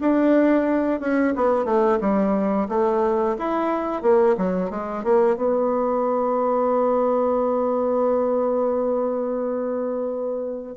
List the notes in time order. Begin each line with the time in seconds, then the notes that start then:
0.00 D4
1.00 C#4
1.35 B3
1.65 A3
2.00 G3
2.68 A3
3.39 E4
4.02 A#3
4.37 F#3
4.70 G#3
5.04 A#3
5.36 B3